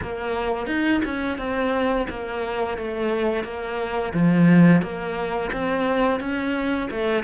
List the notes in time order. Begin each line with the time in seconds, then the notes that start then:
0.02 A#3
0.66 D#4
1.04 C#4
1.38 C4
2.09 A#3
2.77 A3
3.44 A#3
4.13 F3
4.82 A#3
5.52 C4
6.20 C#4
6.90 A3